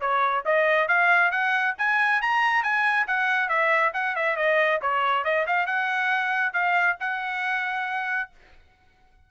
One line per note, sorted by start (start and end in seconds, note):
0.00 0.43 C#5
0.45 0.88 D#5
0.88 1.31 F5
1.31 1.74 F#5
1.78 2.21 G#5
2.21 2.63 A#5
2.63 3.06 G#5
3.07 3.48 F#5
3.48 3.92 E5
3.93 4.15 F#5
4.15 4.36 E5
4.36 4.80 D#5
4.81 5.24 C#5
5.24 5.46 D#5
5.46 5.66 F5
5.66 6.53 F#5
6.53 6.96 F5
7.00 8.30 F#5